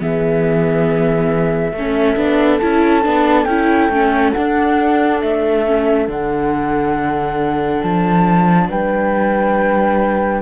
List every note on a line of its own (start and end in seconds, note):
0.00 1.73 E3
0.00 1.74 B3
0.00 1.75 G#4
0.00 2.59 E5
1.73 2.16 A3
1.73 2.17 C#4
1.73 8.69 A4
2.16 2.60 B3
2.16 2.61 D4
2.59 3.06 C#4
2.59 3.03 E4
2.59 3.44 A5
3.03 3.46 B3
3.03 3.47 D4
3.44 3.89 C#4
3.44 3.92 E4
3.44 4.31 G5
3.89 4.33 A3
3.89 4.36 C#4
4.33 5.66 D4
4.33 5.22 D4
4.33 5.20 F#5
5.21 6.08 A3
5.21 6.08 E5
5.66 6.08 C#4
6.08 7.82 D3
6.08 10.42 D4
6.08 7.82 F#5
7.82 8.69 F3
7.82 8.69 A5
8.69 10.42 G3
8.69 10.42 B4
8.69 10.42 G5